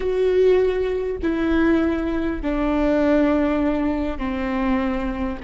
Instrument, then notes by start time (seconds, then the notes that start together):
viola
0.00 F#4
1.22 E4
2.42 D4
4.18 C4